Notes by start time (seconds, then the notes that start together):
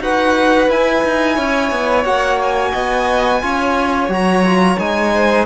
0.00 D#4 F#4 B4 F#5
0.69 E4 G#5
1.04 D#4
1.36 C#4 C#5
1.71 B3
2.05 A#3 F#4 F#5
2.42 G#5
2.71 B3 D#5
3.42 C#4 F4 C#5
4.09 F#3 F#4 A#5
4.44 F4
4.79 G#3 D#4 G#5
5.14 C5